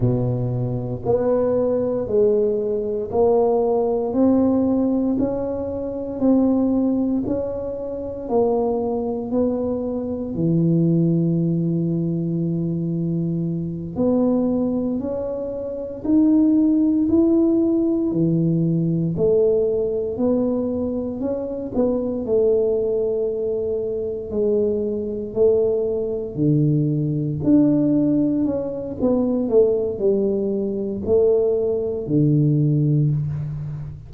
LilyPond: \new Staff \with { instrumentName = "tuba" } { \time 4/4 \tempo 4 = 58 b,4 b4 gis4 ais4 | c'4 cis'4 c'4 cis'4 | ais4 b4 e2~ | e4. b4 cis'4 dis'8~ |
dis'8 e'4 e4 a4 b8~ | b8 cis'8 b8 a2 gis8~ | gis8 a4 d4 d'4 cis'8 | b8 a8 g4 a4 d4 | }